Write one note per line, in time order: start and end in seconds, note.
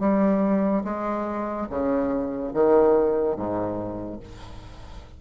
0.00 0.83 G3
0.84 1.68 G#3
1.70 2.53 C#3
2.54 3.37 D#3
3.37 4.20 G#2